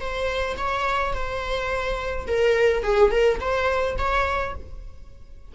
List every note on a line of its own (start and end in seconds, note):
0.00 0.57 C5
0.57 1.13 C#5
1.13 2.26 C5
2.27 2.83 A#4
2.83 3.11 G#4
3.11 3.39 A#4
3.40 3.96 C5
3.98 4.55 C#5